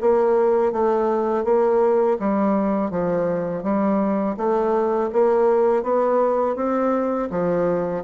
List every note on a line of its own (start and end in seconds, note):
0.00 0.72 A#3
0.72 1.44 A3
1.44 2.17 A#3
2.19 2.90 G3
2.90 3.63 F3
3.63 4.36 G3
4.37 5.10 A3
5.13 5.82 A#3
5.82 6.55 B3
6.55 7.28 C4
7.30 8.03 F3